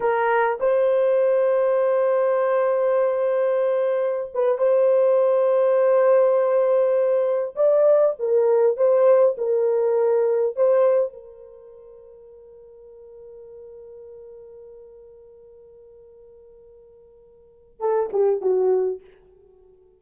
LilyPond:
\new Staff \with { instrumentName = "horn" } { \time 4/4 \tempo 4 = 101 ais'4 c''2.~ | c''2.~ c''16 b'8 c''16~ | c''1~ | c''8. d''4 ais'4 c''4 ais'16~ |
ais'4.~ ais'16 c''4 ais'4~ ais'16~ | ais'1~ | ais'1~ | ais'2 a'8 g'8 fis'4 | }